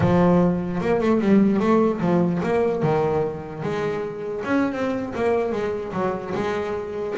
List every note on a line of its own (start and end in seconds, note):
0.00 0.80 F3
0.80 1.00 A#3
1.00 1.20 A3
1.21 1.59 G3
1.59 1.99 A3
2.00 2.41 F3
2.43 2.82 A#3
2.82 3.62 D#3
3.62 4.43 G#3
4.45 4.72 C#4
4.72 5.12 C4
5.15 5.52 A#3
5.52 5.92 G#3
5.92 6.33 F#3
6.34 7.15 G#3